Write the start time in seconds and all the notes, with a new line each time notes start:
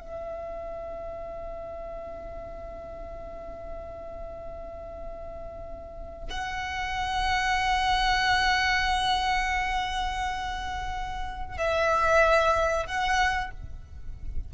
0.00 E5
6.30 F#5
11.58 E5
12.87 F#5